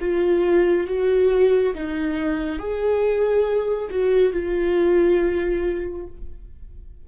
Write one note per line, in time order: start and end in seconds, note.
0.00 0.87 F4
0.87 1.74 F#4
1.74 2.58 D#4
2.58 3.89 G#4
3.90 4.32 F#4
4.32 6.06 F4